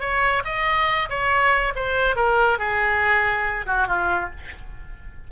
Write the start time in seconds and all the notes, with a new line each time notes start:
0.00 C#5
0.45 D#5
1.09 C#5
1.75 C5
2.16 A#4
2.58 G#4
3.66 F#4
3.87 F4